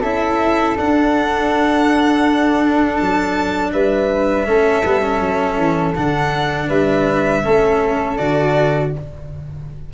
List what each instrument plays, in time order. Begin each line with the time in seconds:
0.00 tuba C#4, cello E4, flute A4, violin E5
0.77 cello D4, tuba D4, violin F#5
2.97 tuba F#3, violin A5
3.73 tuba G3, flute B4, violin E5
4.46 tuba A3, cello C#4, flute A4
4.85 tuba G3, cello B3
5.02 cello C#4
5.21 tuba F#3
5.58 tuba E3
5.95 tuba D3, cello D4, violin F#5
6.68 tuba G3, flute B4, violin E5
7.44 tuba A3, cello C#4, flute A4
8.17 tuba D3, cello F#4, violin D5